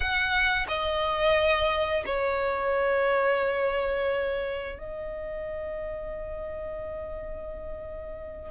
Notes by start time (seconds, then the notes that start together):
0.00 F#5
0.68 D#5
2.05 C#5
4.78 D#5